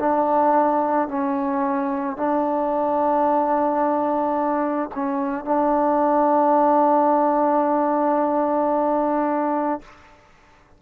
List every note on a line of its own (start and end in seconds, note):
0.00 1.09 D4
1.09 2.18 C#4
2.18 4.90 D4
4.95 5.45 C#4
5.45 9.82 D4